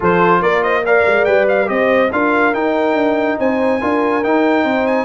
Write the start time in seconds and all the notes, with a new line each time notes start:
0.00 F3 F4 A4 C5
0.41 A#3 A#4 D5
0.63 C5 D#5
0.85 A#4 D5 F5
1.06 G#3
1.25 G3 B4 G5
1.48 F5
1.66 C4 G4 C5 D#5
2.12 D4 F4 A#4 F5
2.53 D#4 G5
2.94 D4
3.38 C4 C5 G#5
3.80 D4 F4 A#4
4.23 D#4 G5
4.64 C4 C5
4.86 G#5